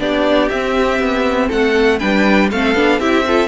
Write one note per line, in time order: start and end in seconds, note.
0.00 0.50 B3
0.00 0.50 D4
0.00 1.48 G4
0.00 0.50 D5
0.50 2.00 C4
0.50 0.99 C4
0.50 1.50 E5
0.99 1.49 B3
1.48 2.02 A3
1.48 1.98 A4
1.48 1.99 F#5
1.99 2.52 G3
1.99 2.50 D4
1.99 2.50 B4
1.99 2.49 G5
2.51 2.75 A3
2.51 2.76 C4
2.51 3.00 A4
2.51 3.00 F5
2.75 3.00 B3
2.75 3.01 D4
3.00 3.48 C4
3.00 3.26 E4
3.00 3.25 G4
3.00 3.48 E5
3.28 3.48 F4
3.28 3.48 A4